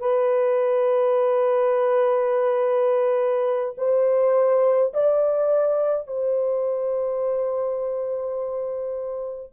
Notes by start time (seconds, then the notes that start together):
0.00 B4
3.78 C5
4.94 D5
6.08 C5